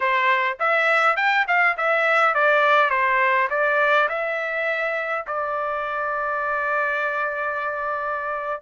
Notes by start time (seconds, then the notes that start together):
0.00 C5
0.59 E5
1.16 G5
1.47 F5
1.77 E5
2.34 D5
2.90 C5
3.50 D5
4.08 E5
5.26 D5